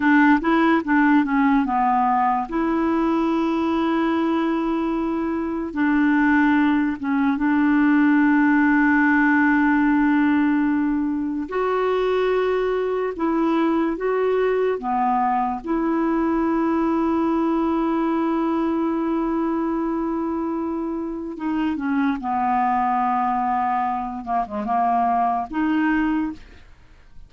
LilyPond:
\new Staff \with { instrumentName = "clarinet" } { \time 4/4 \tempo 4 = 73 d'8 e'8 d'8 cis'8 b4 e'4~ | e'2. d'4~ | d'8 cis'8 d'2.~ | d'2 fis'2 |
e'4 fis'4 b4 e'4~ | e'1~ | e'2 dis'8 cis'8 b4~ | b4. ais16 gis16 ais4 dis'4 | }